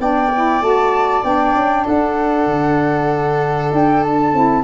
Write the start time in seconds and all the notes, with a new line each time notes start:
0.00 B3 D4 D5 G5
0.35 E4
0.61 A3 F#4 A5
1.23 B3 D4 G5
1.56 C#4
1.85 D4 A4 F#5
2.47 D3
3.72 D4 G5
4.03 A5
4.33 C4 E4